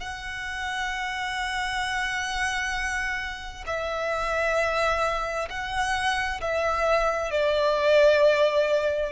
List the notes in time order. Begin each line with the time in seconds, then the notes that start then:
0.00 F#5
3.66 E5
5.49 F#5
6.40 E5
7.31 D5